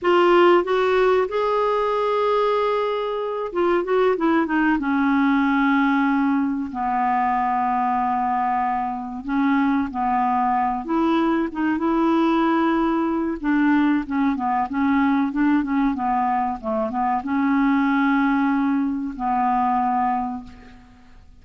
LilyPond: \new Staff \with { instrumentName = "clarinet" } { \time 4/4 \tempo 4 = 94 f'4 fis'4 gis'2~ | gis'4. f'8 fis'8 e'8 dis'8 cis'8~ | cis'2~ cis'8 b4.~ | b2~ b8 cis'4 b8~ |
b4 e'4 dis'8 e'4.~ | e'4 d'4 cis'8 b8 cis'4 | d'8 cis'8 b4 a8 b8 cis'4~ | cis'2 b2 | }